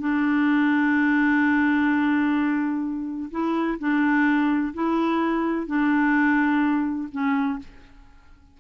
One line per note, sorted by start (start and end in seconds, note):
0.00 3.31 D4
3.31 3.79 E4
3.79 4.74 D4
4.74 5.67 E4
5.67 7.09 D4
7.12 7.59 C#4